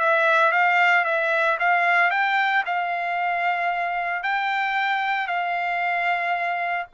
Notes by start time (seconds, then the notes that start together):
0.00 E5
0.52 F5
1.05 E5
1.60 F5
2.11 G5
2.66 F5
4.23 G5
5.28 F5